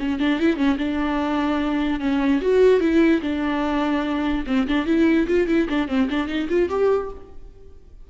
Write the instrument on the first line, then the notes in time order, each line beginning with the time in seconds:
viola
0.00 C#4
0.20 D4
0.40 E4
0.57 C#4
0.78 D4
2.01 C#4
2.42 F#4
2.81 E4
3.22 D4
4.47 C4
4.68 D4
4.86 E4
5.28 F4
5.48 E4
5.69 D4
5.88 C4
6.10 D4
6.28 D#4
6.50 F4
6.70 G4